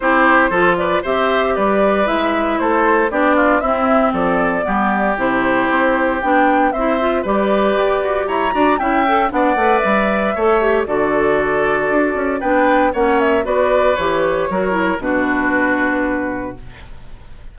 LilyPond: <<
  \new Staff \with { instrumentName = "flute" } { \time 4/4 \tempo 4 = 116 c''4. d''8 e''4 d''4 | e''4 c''4 d''4 e''4 | d''2 c''2 | g''4 e''4 d''2 |
ais''4 g''4 fis''4 e''4~ | e''4 d''2. | g''4 fis''8 e''8 d''4 cis''4~ | cis''4 b'2. | }
  \new Staff \with { instrumentName = "oboe" } { \time 4/4 g'4 a'8 b'8 c''4 b'4~ | b'4 a'4 g'8 f'8 e'4 | a'4 g'2.~ | g'4 c''4 b'2 |
cis''8 d''8 e''4 d''2 | cis''4 a'2. | b'4 cis''4 b'2 | ais'4 fis'2. | }
  \new Staff \with { instrumentName = "clarinet" } { \time 4/4 e'4 f'4 g'2 | e'2 d'4 c'4~ | c'4 b4 e'2 | d'4 e'8 f'8 g'2~ |
g'8 fis'8 e'8 a'8 d'8 b'4. | a'8 g'8 fis'2. | d'4 cis'4 fis'4 g'4 | fis'8 e'8 d'2. | }
  \new Staff \with { instrumentName = "bassoon" } { \time 4/4 c'4 f4 c'4 g4 | gis4 a4 b4 c'4 | f4 g4 c4 c'4 | b4 c'4 g4 g'8 fis'8 |
e'8 d'8 cis'4 b8 a8 g4 | a4 d2 d'8 cis'8 | b4 ais4 b4 e4 | fis4 b,2. | }
>>